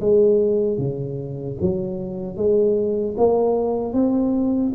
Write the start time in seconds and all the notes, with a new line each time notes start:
0.00 G#3
0.78 C#3
1.60 F#3
2.36 G#3
3.17 A#3
3.93 C4